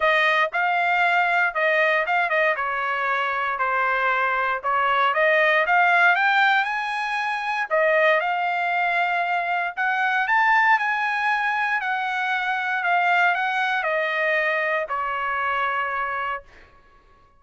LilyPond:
\new Staff \with { instrumentName = "trumpet" } { \time 4/4 \tempo 4 = 117 dis''4 f''2 dis''4 | f''8 dis''8 cis''2 c''4~ | c''4 cis''4 dis''4 f''4 | g''4 gis''2 dis''4 |
f''2. fis''4 | a''4 gis''2 fis''4~ | fis''4 f''4 fis''4 dis''4~ | dis''4 cis''2. | }